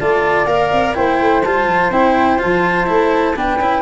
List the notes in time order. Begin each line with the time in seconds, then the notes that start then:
0.00 A3 F4 D5 A5
0.46 A#3 A#4 F5
0.73 C4
0.95 A#3 E4 C5 G5
1.21 A3
1.44 G3 F4 A5
1.66 F3
1.91 C4 E4 G5
2.39 F3 F4 A5
2.87 A3 E4
3.36 B3 D4 B4 G5
3.60 C#4 E4